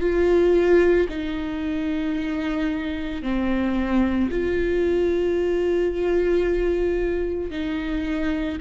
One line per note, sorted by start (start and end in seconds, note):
0.00 1.07 F4
1.09 3.22 D#4
3.22 4.29 C4
4.30 7.50 F4
7.50 8.58 D#4